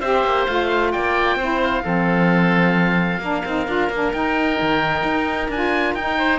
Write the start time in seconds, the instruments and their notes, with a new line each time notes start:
0.00 cello C4, saxophone G4, oboe C5 E5
0.24 cello A#3
0.46 cello A3, saxophone F4, oboe F5
0.91 cello A#3, oboe D5 G5
1.35 cello C4, saxophone E4, oboe C5
1.63 oboe F5
1.83 cello F3, saxophone C4, oboe A4
3.19 cello A#3, saxophone D4, oboe A#4
3.45 cello C4, saxophone D#4
3.67 cello D4, saxophone F4
3.89 cello A#3, saxophone D4
4.13 cello D#4, saxophone D#4, oboe G5
4.61 cello D#3
5.03 cello D#4
5.48 cello D4, saxophone F4, oboe G#5
5.94 cello D#4, saxophone D#4, oboe G5
6.18 oboe C5